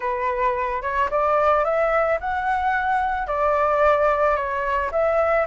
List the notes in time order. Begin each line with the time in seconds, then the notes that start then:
0.00 B4
0.82 C#5
1.10 D5
1.64 E5
2.20 F#5
3.27 D5
4.35 C#5
4.91 E5